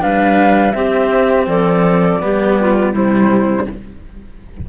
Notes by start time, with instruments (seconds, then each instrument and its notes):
0.00 cello G3 D4, clarinet B4, flute F5
0.72 cello C4, clarinet G4, flute E5
1.47 cello F3, clarinet A4, flute D5
2.21 cello G3 B3, clarinet G4
2.60 clarinet F4
2.93 cello C3 G3, clarinet E4, flute C5